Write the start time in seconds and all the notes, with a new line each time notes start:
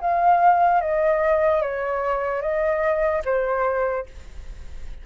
0.00 F5
0.80 D#5
1.61 C#5
2.41 D#5
3.24 C5